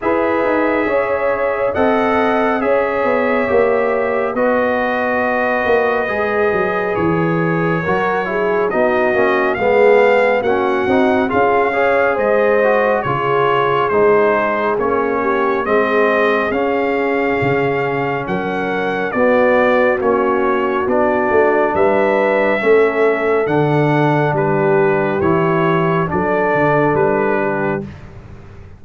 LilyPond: <<
  \new Staff \with { instrumentName = "trumpet" } { \time 4/4 \tempo 4 = 69 e''2 fis''4 e''4~ | e''4 dis''2. | cis''2 dis''4 f''4 | fis''4 f''4 dis''4 cis''4 |
c''4 cis''4 dis''4 f''4~ | f''4 fis''4 d''4 cis''4 | d''4 e''2 fis''4 | b'4 cis''4 d''4 b'4 | }
  \new Staff \with { instrumentName = "horn" } { \time 4/4 b'4 cis''4 dis''4 cis''4~ | cis''4 b'2.~ | b'4 ais'8 gis'8 fis'4 gis'4 | fis'4 gis'8 cis''8 c''4 gis'4~ |
gis'4. g'8 gis'2~ | gis'4 ais'4 fis'2~ | fis'4 b'4 a'2 | g'2 a'4. g'8 | }
  \new Staff \with { instrumentName = "trombone" } { \time 4/4 gis'2 a'4 gis'4 | g'4 fis'2 gis'4~ | gis'4 fis'8 e'8 dis'8 cis'8 b4 | cis'8 dis'8 f'8 gis'4 fis'8 f'4 |
dis'4 cis'4 c'4 cis'4~ | cis'2 b4 cis'4 | d'2 cis'4 d'4~ | d'4 e'4 d'2 | }
  \new Staff \with { instrumentName = "tuba" } { \time 4/4 e'8 dis'8 cis'4 c'4 cis'8 b8 | ais4 b4. ais8 gis8 fis8 | e4 fis4 b8 ais8 gis4 | ais8 c'8 cis'4 gis4 cis4 |
gis4 ais4 gis4 cis'4 | cis4 fis4 b4 ais4 | b8 a8 g4 a4 d4 | g4 e4 fis8 d8 g4 | }
>>